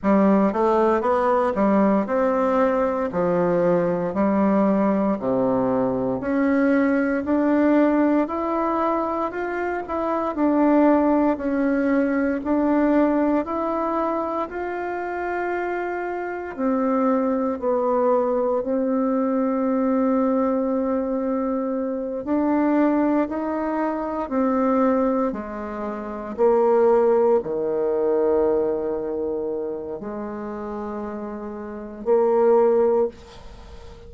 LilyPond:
\new Staff \with { instrumentName = "bassoon" } { \time 4/4 \tempo 4 = 58 g8 a8 b8 g8 c'4 f4 | g4 c4 cis'4 d'4 | e'4 f'8 e'8 d'4 cis'4 | d'4 e'4 f'2 |
c'4 b4 c'2~ | c'4. d'4 dis'4 c'8~ | c'8 gis4 ais4 dis4.~ | dis4 gis2 ais4 | }